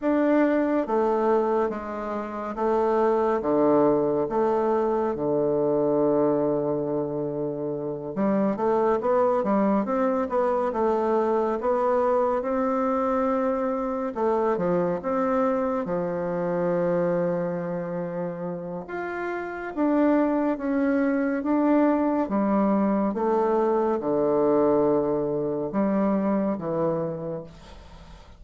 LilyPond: \new Staff \with { instrumentName = "bassoon" } { \time 4/4 \tempo 4 = 70 d'4 a4 gis4 a4 | d4 a4 d2~ | d4. g8 a8 b8 g8 c'8 | b8 a4 b4 c'4.~ |
c'8 a8 f8 c'4 f4.~ | f2 f'4 d'4 | cis'4 d'4 g4 a4 | d2 g4 e4 | }